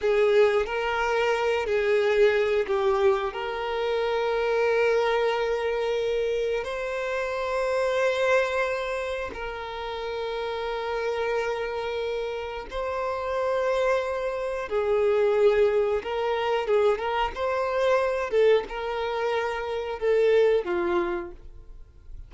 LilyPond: \new Staff \with { instrumentName = "violin" } { \time 4/4 \tempo 4 = 90 gis'4 ais'4. gis'4. | g'4 ais'2.~ | ais'2 c''2~ | c''2 ais'2~ |
ais'2. c''4~ | c''2 gis'2 | ais'4 gis'8 ais'8 c''4. a'8 | ais'2 a'4 f'4 | }